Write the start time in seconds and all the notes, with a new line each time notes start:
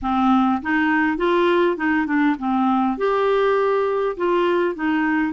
0.02 C4
0.62 D#4
1.17 F4
1.76 D#4
2.06 D4
2.38 C4
2.97 G4
4.16 F4
4.75 D#4